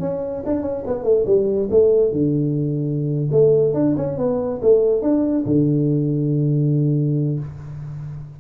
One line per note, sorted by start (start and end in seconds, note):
0.00 0.43 C#4
0.46 0.62 D4
0.62 0.83 C#4
0.87 1.04 B3
1.04 1.25 A3
1.26 1.69 G3
1.71 2.12 A3
2.12 3.30 D3
3.32 3.74 A3
3.74 3.95 D4
3.97 4.18 C#4
4.18 4.61 B3
4.62 5.02 A3
5.02 5.45 D4
5.46 7.39 D3